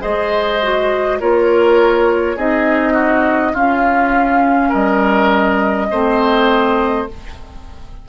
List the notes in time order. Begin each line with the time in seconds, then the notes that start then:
0.00 G#3 G#4 C5 D#5
0.62 F#4
1.20 A#3 F4 A#4 C#5
2.36 C4 D#4 G#4 D#5
2.93 F#4
3.53 C#4 F4 F5
4.69 G3 A#4 D#5
5.90 A3 C4 C5